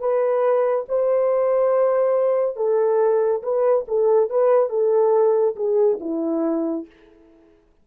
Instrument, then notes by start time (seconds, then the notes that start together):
horn
0.00 B4
0.89 C5
2.57 A4
3.43 B4
3.88 A4
4.30 B4
4.70 A4
5.56 G#4
6.01 E4